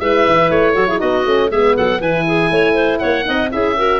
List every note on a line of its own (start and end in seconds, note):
0.00 0.25 G#3
0.00 0.75 E4
0.00 0.74 B4
0.00 0.50 E5
0.26 0.50 E3
0.50 0.75 A3
0.50 1.00 C#5
0.74 1.01 F#3
0.74 0.87 F#4
0.74 0.87 A4
0.87 0.98 E4
0.87 0.99 G#4
0.98 1.25 B3
0.98 1.24 D#4
0.98 1.49 F#4
0.98 1.51 D#5
1.25 1.51 A3
1.25 1.51 C#4
1.49 1.76 G#3
1.49 2.01 B3
1.49 1.74 G#4
1.49 1.76 E5
1.76 2.00 F#3
1.76 2.00 A4
1.76 2.01 F#5
2.00 2.50 E3
2.00 3.23 E4
2.00 2.25 B4
2.00 2.98 G#5
2.27 2.52 G#4
2.50 3.01 A3
2.50 2.74 C#5
2.74 2.99 C5
2.98 3.28 A#3
2.98 3.26 C#5
2.98 3.49 F#5
3.23 3.53 C4
3.23 3.48 D#4
3.23 3.52 D#5
3.51 4.00 C#4
3.51 3.77 E4
3.51 3.77 G#4
3.51 4.00 E5
3.77 4.00 F#4
3.77 4.00 A#4